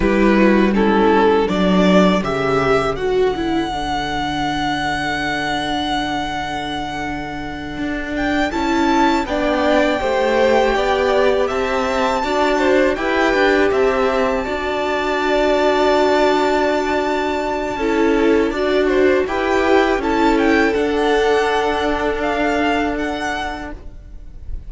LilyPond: <<
  \new Staff \with { instrumentName = "violin" } { \time 4/4 \tempo 4 = 81 b'4 a'4 d''4 e''4 | fis''1~ | fis''2. g''8 a''8~ | a''8 g''2. a''8~ |
a''4. g''4 a''4.~ | a''1~ | a''2 g''4 a''8 g''8 | fis''2 f''4 fis''4 | }
  \new Staff \with { instrumentName = "violin" } { \time 4/4 g'8 fis'8 e'4 a'2~ | a'1~ | a'1~ | a'8 d''4 c''4 d''4 e''8~ |
e''8 d''8 c''8 b'4 e''4 d''8~ | d''1 | a'4 d''8 c''8 b'4 a'4~ | a'1 | }
  \new Staff \with { instrumentName = "viola" } { \time 4/4 e'4 cis'4 d'4 g'4 | fis'8 e'8 d'2.~ | d'2.~ d'8 e'8~ | e'8 d'4 g'2~ g'8~ |
g'8 fis'4 g'2 fis'8~ | fis'1 | e'4 fis'4 g'4 e'4 | d'1 | }
  \new Staff \with { instrumentName = "cello" } { \time 4/4 g2 fis4 cis4 | d1~ | d2~ d8 d'4 cis'8~ | cis'8 b4 a4 b4 c'8~ |
c'8 d'4 e'8 d'8 c'4 d'8~ | d'1 | cis'4 d'4 e'4 cis'4 | d'1 | }
>>